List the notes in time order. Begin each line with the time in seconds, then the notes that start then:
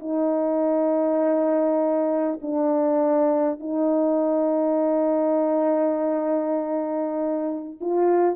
0.00 D#4
2.42 D4
3.60 D#4
7.81 F4